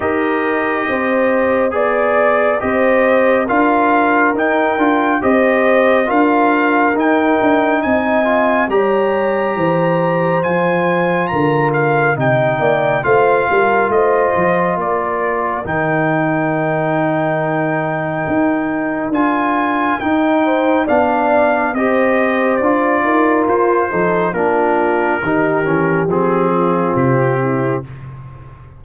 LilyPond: <<
  \new Staff \with { instrumentName = "trumpet" } { \time 4/4 \tempo 4 = 69 dis''2 d''4 dis''4 | f''4 g''4 dis''4 f''4 | g''4 gis''4 ais''2 | gis''4 ais''8 f''8 g''4 f''4 |
dis''4 d''4 g''2~ | g''2 gis''4 g''4 | f''4 dis''4 d''4 c''4 | ais'2 gis'4 g'4 | }
  \new Staff \with { instrumentName = "horn" } { \time 4/4 ais'4 c''4 d''4 c''4 | ais'2 c''4 ais'4~ | ais'4 dis''4 cis''4 c''4~ | c''4 ais'4 dis''8 d''8 c''8 ais'8 |
c''4 ais'2.~ | ais'2.~ ais'8 c''8 | d''4 c''4. ais'4 a'8 | f'4 g'4. f'4 e'8 | }
  \new Staff \with { instrumentName = "trombone" } { \time 4/4 g'2 gis'4 g'4 | f'4 dis'8 f'8 g'4 f'4 | dis'4. f'8 g'2 | f'2 dis'4 f'4~ |
f'2 dis'2~ | dis'2 f'4 dis'4 | d'4 g'4 f'4. dis'8 | d'4 dis'8 cis'8 c'2 | }
  \new Staff \with { instrumentName = "tuba" } { \time 4/4 dis'4 c'4 b4 c'4 | d'4 dis'8 d'8 c'4 d'4 | dis'8 d'8 c'4 g4 e4 | f4 d4 c8 ais8 a8 g8 |
a8 f8 ais4 dis2~ | dis4 dis'4 d'4 dis'4 | b4 c'4 d'8 dis'8 f'8 f8 | ais4 dis8 e8 f4 c4 | }
>>